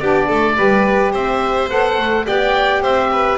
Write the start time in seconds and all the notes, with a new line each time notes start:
0.00 B3 D4 G4 D5
0.28 A3 A4
0.57 G3 G4 B4
1.12 C4 C5 E5
1.69 B3 A4 F#5
1.98 A3
2.27 B3 G4 D5 G5
2.82 C4 C5 E5
3.12 B4